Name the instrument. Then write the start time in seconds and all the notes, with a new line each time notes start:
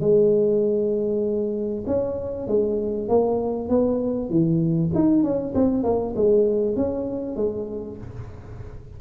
tuba
0.00 G#3
1.86 C#4
2.47 G#3
3.08 A#3
3.69 B3
4.29 E3
4.94 D#4
5.23 C#4
5.54 C4
5.83 A#3
6.16 G#3
6.76 C#4
7.36 G#3